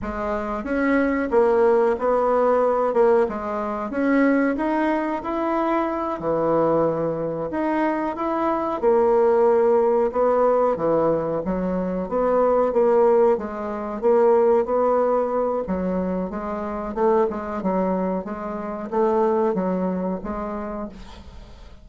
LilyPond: \new Staff \with { instrumentName = "bassoon" } { \time 4/4 \tempo 4 = 92 gis4 cis'4 ais4 b4~ | b8 ais8 gis4 cis'4 dis'4 | e'4. e2 dis'8~ | dis'8 e'4 ais2 b8~ |
b8 e4 fis4 b4 ais8~ | ais8 gis4 ais4 b4. | fis4 gis4 a8 gis8 fis4 | gis4 a4 fis4 gis4 | }